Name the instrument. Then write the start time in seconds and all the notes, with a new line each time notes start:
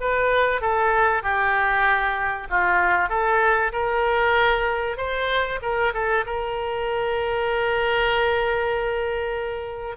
oboe
0.00 B4
0.61 A4
1.22 G4
2.50 F4
3.09 A4
3.72 A#4
4.97 C5
5.62 A#4
5.94 A4
6.26 A#4